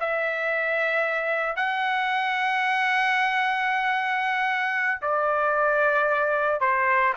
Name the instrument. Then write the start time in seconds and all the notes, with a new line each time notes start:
trumpet
0.00 E5
1.56 F#5
5.02 D5
6.61 C5